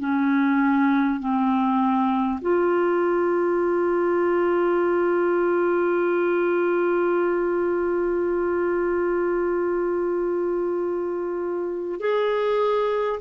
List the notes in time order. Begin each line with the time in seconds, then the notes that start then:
0.00 C#4
1.19 C4
2.41 F4
12.01 G#4